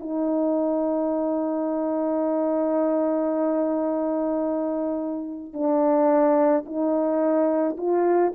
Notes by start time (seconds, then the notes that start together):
0.00 D#4
5.54 D4
6.66 D#4
7.78 F4